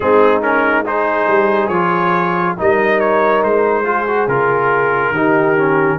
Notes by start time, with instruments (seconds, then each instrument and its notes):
0.00 tuba G#3, trombone C4, horn D#4, trumpet G#4
0.41 trombone C#4, trumpet A#4
0.85 trombone D#4, horn G#4, trumpet C5
1.27 tuba G3
1.68 tuba F3, trombone F4, trumpet C#5
2.57 tuba G3, trombone D#4, horn A#4, trumpet D#5
2.99 trumpet C#5
3.43 tuba G#3, trumpet C5
3.83 trombone F4, horn G#4
4.06 trombone F#4
4.27 tuba C#3, trombone F4, trumpet A#4
5.11 tuba D#3, trombone D#4, horn G4
5.57 trombone C#4